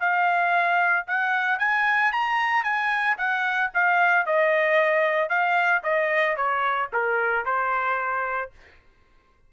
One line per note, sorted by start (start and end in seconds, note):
0.00 1.06 F5
1.07 1.59 F#5
1.59 2.12 G#5
2.12 2.64 A#5
2.64 3.17 G#5
3.18 3.71 F#5
3.74 4.26 F5
4.26 5.30 D#5
5.30 5.83 F5
5.83 6.36 D#5
6.36 6.89 C#5
6.93 7.45 A#4
7.45 8.51 C5